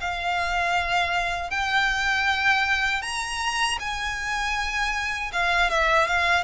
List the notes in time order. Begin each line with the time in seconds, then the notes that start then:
0.00 F5
1.50 G5
3.02 A#5
3.79 G#5
5.32 F5
5.70 E5
6.07 F5